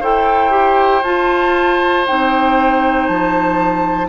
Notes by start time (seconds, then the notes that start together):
0.00 E4 A4 C5 G5
0.50 G4
1.03 F4 A5
2.06 C4 D#4 G5
3.07 F3 A5